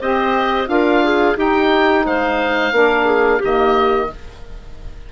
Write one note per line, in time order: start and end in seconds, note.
0.00 0.68 C4
0.00 0.65 G4
0.00 0.68 C5
0.00 0.69 D#5
0.65 1.36 D4
0.65 1.34 F4
0.65 1.04 A#4
0.65 1.37 F5
1.04 1.37 G#4
1.35 2.72 D#4
1.35 2.06 D#4
1.35 2.05 G4
1.35 2.07 G5
2.06 2.72 G#3
2.06 2.74 C5
2.06 3.43 F5
2.72 3.40 A#3
2.72 3.41 D4
2.72 3.06 A#4
3.06 3.39 G#4
3.39 4.12 D#3
3.39 4.10 A#3
3.39 4.07 G4
3.39 4.13 D#5